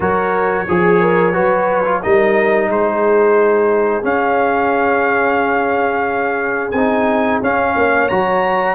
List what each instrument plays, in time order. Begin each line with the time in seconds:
0.00 tuba F#3, trombone F#4, horn A#4, trumpet C#5
0.68 tuba F3, horn G#4, trombone G#4
1.01 horn A#4
1.33 tuba F#3, trombone F#4, horn B4
1.84 trombone F4
2.02 tuba G3, trombone D#4, horn A#4, trumpet D#5
2.69 tuba G#3, horn G#4, trumpet C5
4.03 trombone C#4, tuba C#4, trumpet F5
6.71 tuba C4, trombone D#4, trumpet G#5
7.41 tuba C#4, trombone C#4, trumpet F5
7.75 tuba A#3, horn C#5
8.08 tuba F#3, trombone F#4, trumpet A#5